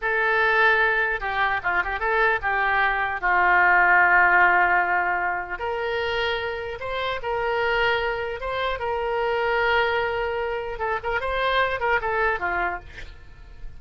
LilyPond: \new Staff \with { instrumentName = "oboe" } { \time 4/4 \tempo 4 = 150 a'2. g'4 | f'8 g'8 a'4 g'2 | f'1~ | f'2 ais'2~ |
ais'4 c''4 ais'2~ | ais'4 c''4 ais'2~ | ais'2. a'8 ais'8 | c''4. ais'8 a'4 f'4 | }